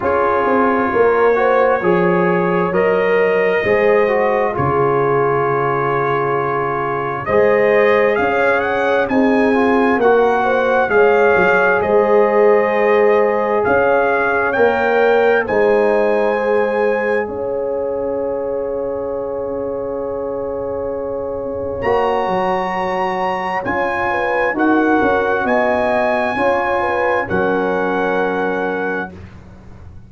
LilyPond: <<
  \new Staff \with { instrumentName = "trumpet" } { \time 4/4 \tempo 4 = 66 cis''2. dis''4~ | dis''4 cis''2. | dis''4 f''8 fis''8 gis''4 fis''4 | f''4 dis''2 f''4 |
g''4 gis''2 f''4~ | f''1 | ais''2 gis''4 fis''4 | gis''2 fis''2 | }
  \new Staff \with { instrumentName = "horn" } { \time 4/4 gis'4 ais'8 c''8 cis''2 | c''4 gis'2. | c''4 cis''4 gis'4 ais'8 c''8 | cis''4 c''2 cis''4~ |
cis''4 c''2 cis''4~ | cis''1~ | cis''2~ cis''8 b'8 ais'4 | dis''4 cis''8 b'8 ais'2 | }
  \new Staff \with { instrumentName = "trombone" } { \time 4/4 f'4. fis'8 gis'4 ais'4 | gis'8 fis'8 f'2. | gis'2 dis'8 f'8 fis'4 | gis'1 |
ais'4 dis'4 gis'2~ | gis'1 | fis'2 f'4 fis'4~ | fis'4 f'4 cis'2 | }
  \new Staff \with { instrumentName = "tuba" } { \time 4/4 cis'8 c'8 ais4 f4 fis4 | gis4 cis2. | gis4 cis'4 c'4 ais4 | gis8 fis8 gis2 cis'4 |
ais4 gis2 cis'4~ | cis'1 | ais8 fis4. cis'4 dis'8 cis'8 | b4 cis'4 fis2 | }
>>